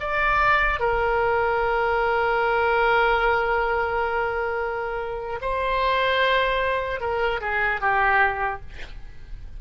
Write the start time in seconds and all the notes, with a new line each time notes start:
0.00 D5
0.79 A#4
5.41 C5
7.00 A#4
7.41 G#4
7.81 G4